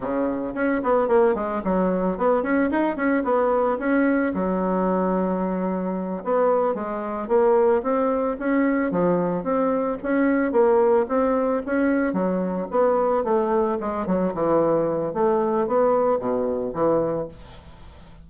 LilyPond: \new Staff \with { instrumentName = "bassoon" } { \time 4/4 \tempo 4 = 111 cis4 cis'8 b8 ais8 gis8 fis4 | b8 cis'8 dis'8 cis'8 b4 cis'4 | fis2.~ fis8 b8~ | b8 gis4 ais4 c'4 cis'8~ |
cis'8 f4 c'4 cis'4 ais8~ | ais8 c'4 cis'4 fis4 b8~ | b8 a4 gis8 fis8 e4. | a4 b4 b,4 e4 | }